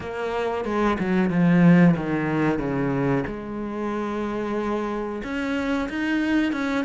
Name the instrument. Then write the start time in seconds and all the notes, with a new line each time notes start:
cello
0.00 A#3
0.65 G#3
0.99 F#3
1.30 F3
1.96 D#3
2.58 C#3
3.26 G#3
5.24 C#4
5.89 D#4
6.52 C#4